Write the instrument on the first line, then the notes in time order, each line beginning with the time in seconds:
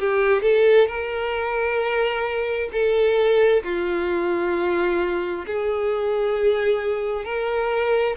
violin
0.00 G4
0.43 A4
0.88 A#4
2.73 A4
3.64 F4
5.47 G#4
7.25 A#4